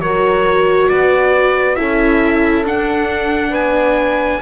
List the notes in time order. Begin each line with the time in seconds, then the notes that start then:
0.00 F#3 F#4 A#4 C#5
0.89 B3 B4 D5
1.76 C#4 E4 A4 E5
2.65 D4 F#5
3.51 B3 B4 G#5